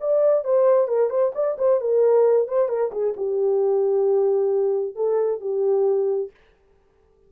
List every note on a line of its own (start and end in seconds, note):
0.00 0.44 D5
0.44 0.88 C5
0.88 1.10 A#4
1.10 1.32 C5
1.35 1.57 D5
1.58 1.80 C5
1.80 2.48 A#4
2.48 2.68 C5
2.68 2.91 A#4
2.91 3.14 G#4
3.16 4.95 G4
4.95 5.40 A4
5.40 6.31 G4